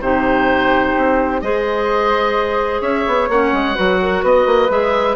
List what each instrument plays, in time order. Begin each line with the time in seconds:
0.00 bassoon C3, clarinet D#4, flute G4, oboe C5
0.97 bassoon C4
1.41 bassoon G#3, clarinet G#4, flute C5, oboe D#5
2.81 bassoon C#4, flute C#5, oboe E5
3.07 bassoon B3
3.29 bassoon A#3, clarinet C#4, oboe F#5
3.53 bassoon G#3
3.75 bassoon F#3, clarinet F#4, flute B4
4.02 flute A#4
4.23 bassoon B3, flute B4, oboe D#5
4.46 bassoon A#3
4.69 bassoon G#3, clarinet G#4, oboe E5